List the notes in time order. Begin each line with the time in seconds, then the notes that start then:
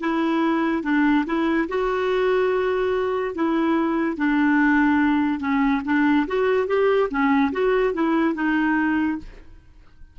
0.00 E4
0.83 D4
1.26 E4
1.69 F#4
3.34 E4
4.17 D4
5.40 C#4
5.84 D4
6.27 F#4
6.67 G4
7.10 C#4
7.52 F#4
7.94 E4
8.34 D#4